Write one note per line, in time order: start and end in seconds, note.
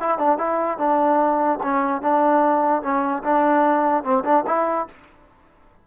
0.00 0.18 E4
0.18 0.38 D4
0.38 0.78 E4
0.78 1.59 D4
1.63 2.01 C#4
2.01 2.82 D4
2.82 3.23 C#4
3.24 4.04 D4
4.04 4.24 C4
4.24 4.44 D4
4.47 4.87 E4